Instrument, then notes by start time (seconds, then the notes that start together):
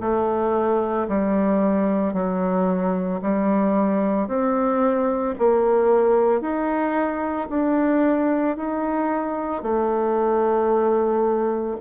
bassoon
0.00 A3
1.08 G3
2.14 F#3
3.21 G3
4.28 C4
5.39 A#3
6.41 D#4
7.50 D4
8.57 D#4
9.62 A3